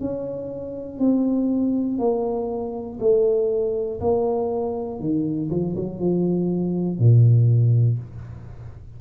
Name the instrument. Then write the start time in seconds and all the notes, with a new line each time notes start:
tuba
0.00 C#4
0.99 C4
1.99 A#3
3.00 A3
4.00 A#3
5.00 D#3
5.50 F3
5.76 F#3
5.99 F3
6.99 A#2